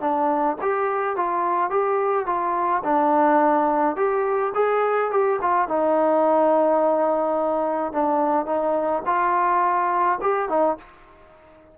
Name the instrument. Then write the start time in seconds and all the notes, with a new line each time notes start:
trombone
0.00 D4
0.61 G4
1.16 F4
1.70 G4
2.26 F4
2.84 D4
3.96 G4
4.54 G#4
5.11 G4
5.41 F4
5.68 D#4
7.92 D4
8.46 D#4
9.06 F4
10.21 G4
10.49 D#4